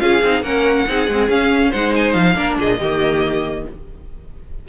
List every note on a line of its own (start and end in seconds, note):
0.00 0.22 C#4
0.00 0.21 F4
0.00 0.44 G#4
0.00 0.43 F5
0.23 0.42 C4
0.23 0.45 D#4
0.42 0.85 A#3
0.42 0.87 C#4
0.42 0.87 A#4
0.42 1.29 F#5
0.88 1.08 C4
0.88 1.09 D#4
0.88 1.70 G#4
1.08 1.29 G#3
1.08 1.31 C4
1.29 1.72 C#4
1.29 1.74 C#4
1.29 1.73 F5
1.70 2.15 G#3
1.70 2.36 D#4
1.70 2.34 C5
1.70 1.94 F#5
1.96 2.13 G#5
2.13 2.35 F3
2.13 2.56 F5
2.35 2.57 A#3
2.35 2.79 D4
2.35 2.59 A#4
2.59 2.80 A#2
2.59 2.80 G#4
2.59 3.68 D#5
2.80 3.66 D#3
2.80 3.69 A#3
2.80 3.65 G4